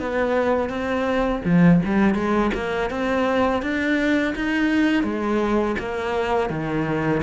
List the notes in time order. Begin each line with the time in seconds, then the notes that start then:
0.00 B3
0.70 C4
1.45 F3
1.85 G3
2.15 G#3
2.54 A#3
2.90 C4
3.62 D4
4.35 D#4
5.04 G#3
5.79 A#3
6.50 D#3